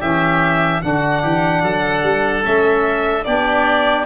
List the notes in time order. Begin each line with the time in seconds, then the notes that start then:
0.00 E3 C#4 G4 E5
0.82 D3 D4 F#4 F#5
1.22 E3 G4
1.63 F#3 A4
2.03 G3
2.44 A3 C#4 E5
3.24 B3 D4 G4 D5